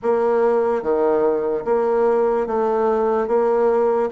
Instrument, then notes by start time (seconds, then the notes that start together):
bassoon
0.02 A#3
0.82 D#3
1.64 A#3
2.47 A3
3.27 A#3